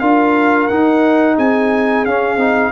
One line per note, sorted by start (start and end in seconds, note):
0.00 0.69 D4
0.00 0.70 F4
0.00 1.35 A#4
0.00 0.67 F5
0.67 1.38 D#4
0.67 2.08 D#4
0.67 1.36 F#5
1.35 2.06 C4
1.35 2.72 G#4
1.35 2.05 G#5
2.05 2.37 C#4
2.05 2.38 C#4
2.05 2.72 F5
2.37 2.71 C4
2.37 2.72 D#4